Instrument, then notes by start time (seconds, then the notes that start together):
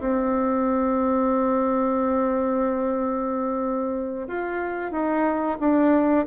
bassoon
0.00 C4
4.28 F4
4.92 D#4
5.60 D4